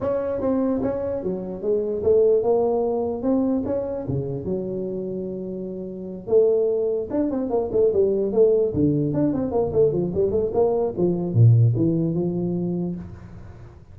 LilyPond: \new Staff \with { instrumentName = "tuba" } { \time 4/4 \tempo 4 = 148 cis'4 c'4 cis'4 fis4 | gis4 a4 ais2 | c'4 cis'4 cis4 fis4~ | fis2.~ fis8 a8~ |
a4. d'8 c'8 ais8 a8 g8~ | g8 a4 d4 d'8 c'8 ais8 | a8 f8 g8 a8 ais4 f4 | ais,4 e4 f2 | }